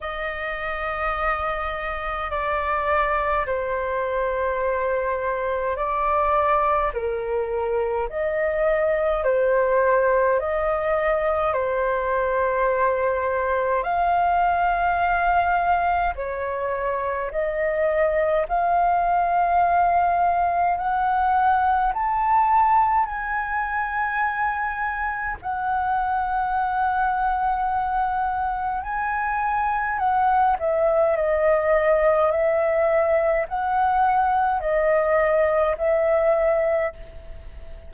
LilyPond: \new Staff \with { instrumentName = "flute" } { \time 4/4 \tempo 4 = 52 dis''2 d''4 c''4~ | c''4 d''4 ais'4 dis''4 | c''4 dis''4 c''2 | f''2 cis''4 dis''4 |
f''2 fis''4 a''4 | gis''2 fis''2~ | fis''4 gis''4 fis''8 e''8 dis''4 | e''4 fis''4 dis''4 e''4 | }